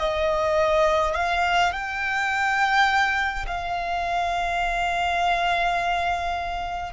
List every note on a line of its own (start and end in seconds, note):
0.00 1.15 D#5
1.15 1.73 F5
1.73 3.46 G5
3.47 6.93 F5